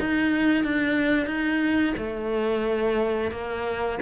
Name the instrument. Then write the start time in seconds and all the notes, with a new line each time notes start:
cello
0.00 D#4
0.64 D4
1.27 D#4
1.97 A3
3.32 A#3